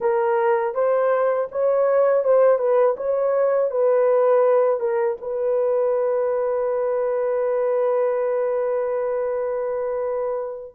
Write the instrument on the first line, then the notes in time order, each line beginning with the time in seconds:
horn
0.00 A#4
0.74 C5
1.51 C#5
2.24 C5
2.58 B4
2.96 C#5
3.70 B4
4.79 A#4
5.21 B4